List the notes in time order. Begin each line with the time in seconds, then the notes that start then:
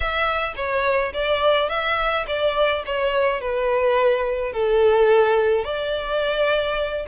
0.00 E5
0.56 C#5
1.13 D5
1.69 E5
2.27 D5
2.86 C#5
3.41 B4
4.52 A4
5.64 D5